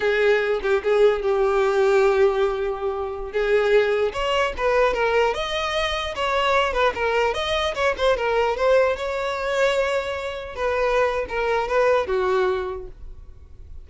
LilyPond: \new Staff \with { instrumentName = "violin" } { \time 4/4 \tempo 4 = 149 gis'4. g'8 gis'4 g'4~ | g'1~ | g'16 gis'2 cis''4 b'8.~ | b'16 ais'4 dis''2 cis''8.~ |
cis''8. b'8 ais'4 dis''4 cis''8 c''16~ | c''16 ais'4 c''4 cis''4.~ cis''16~ | cis''2~ cis''16 b'4.~ b'16 | ais'4 b'4 fis'2 | }